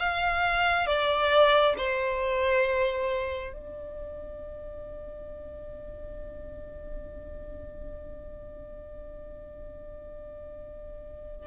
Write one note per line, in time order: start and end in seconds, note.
0.00 0.87 F5
0.87 1.75 D5
1.78 3.53 C5
3.53 11.47 D5